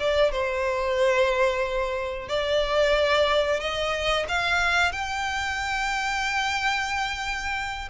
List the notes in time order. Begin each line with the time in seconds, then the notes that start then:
0.00 D5
0.32 C5
2.29 D5
3.61 D#5
4.29 F5
4.93 G5